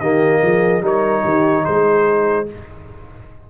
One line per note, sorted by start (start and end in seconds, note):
0.00 0.42 D#3
0.00 0.82 A#3
0.00 0.41 G4
0.00 0.82 D#5
0.43 0.82 F3
0.43 0.83 G#4
0.82 1.23 G3
0.82 2.47 D#4
0.82 1.23 A#4
0.82 1.65 C#5
1.23 1.65 D#3
1.23 1.64 G4
1.64 2.51 G#3
1.64 2.47 G#4
1.64 2.47 C5